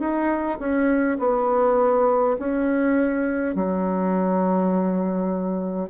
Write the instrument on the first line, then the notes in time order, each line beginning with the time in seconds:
bassoon
0.00 D#4
0.59 C#4
1.19 B3
2.40 C#4
3.55 F#3